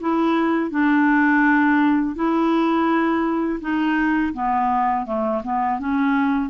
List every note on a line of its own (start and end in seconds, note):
0.00 0.71 E4
0.71 2.15 D4
2.15 3.60 E4
3.61 4.33 D#4
4.33 5.06 B3
5.06 5.42 A3
5.43 5.79 B3
5.79 6.50 C#4